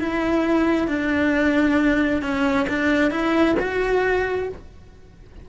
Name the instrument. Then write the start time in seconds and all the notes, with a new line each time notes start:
cello
0.00 E4
0.88 D4
2.23 C#4
2.69 D4
3.11 E4
3.59 F#4